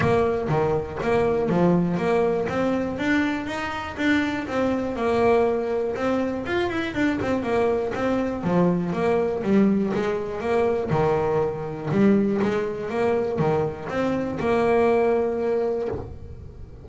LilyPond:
\new Staff \with { instrumentName = "double bass" } { \time 4/4 \tempo 4 = 121 ais4 dis4 ais4 f4 | ais4 c'4 d'4 dis'4 | d'4 c'4 ais2 | c'4 f'8 e'8 d'8 c'8 ais4 |
c'4 f4 ais4 g4 | gis4 ais4 dis2 | g4 gis4 ais4 dis4 | c'4 ais2. | }